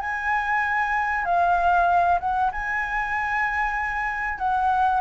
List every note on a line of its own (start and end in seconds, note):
0.00 1.25 G#5
1.25 2.19 F5
2.20 2.51 F#5
2.52 4.38 G#5
4.38 5.01 F#5